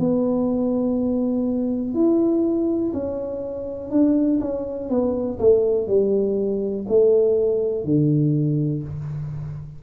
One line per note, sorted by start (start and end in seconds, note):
0.00 1.94 B3
1.94 2.93 E4
2.93 3.91 C#4
3.91 4.40 D4
4.41 4.90 C#4
4.90 5.39 B3
5.40 5.88 A3
5.88 6.86 G3
6.89 7.85 A3
7.85 8.83 D3